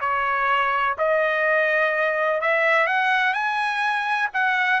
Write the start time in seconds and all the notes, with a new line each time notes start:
0.00 C#5
0.97 D#5
2.41 E5
2.86 F#5
3.33 G#5
4.33 F#5